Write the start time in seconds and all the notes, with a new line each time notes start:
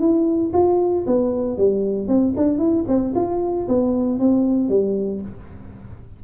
0.00 E4
0.54 F4
1.07 B3
1.58 G3
2.08 C4
2.37 D4
2.58 E4
2.88 C4
3.15 F4
3.69 B3
4.19 C4
4.69 G3